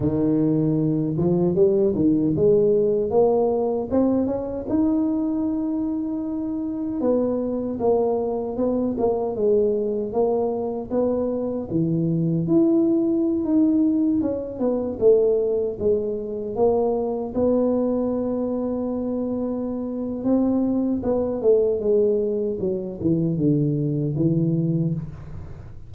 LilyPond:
\new Staff \with { instrumentName = "tuba" } { \time 4/4 \tempo 4 = 77 dis4. f8 g8 dis8 gis4 | ais4 c'8 cis'8 dis'2~ | dis'4 b4 ais4 b8 ais8 | gis4 ais4 b4 e4 |
e'4~ e'16 dis'4 cis'8 b8 a8.~ | a16 gis4 ais4 b4.~ b16~ | b2 c'4 b8 a8 | gis4 fis8 e8 d4 e4 | }